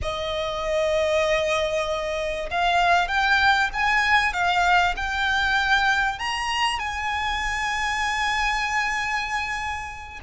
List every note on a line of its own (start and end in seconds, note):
0.02 2.49 D#5
2.50 3.08 F5
3.08 3.69 G5
3.73 4.33 G#5
4.33 4.95 F5
4.96 6.19 G5
6.19 6.79 A#5
6.79 10.19 G#5